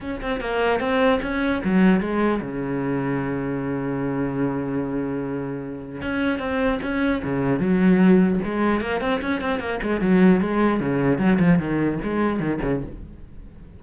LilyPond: \new Staff \with { instrumentName = "cello" } { \time 4/4 \tempo 4 = 150 cis'8 c'8 ais4 c'4 cis'4 | fis4 gis4 cis2~ | cis1~ | cis2. cis'4 |
c'4 cis'4 cis4 fis4~ | fis4 gis4 ais8 c'8 cis'8 c'8 | ais8 gis8 fis4 gis4 cis4 | fis8 f8 dis4 gis4 dis8 cis8 | }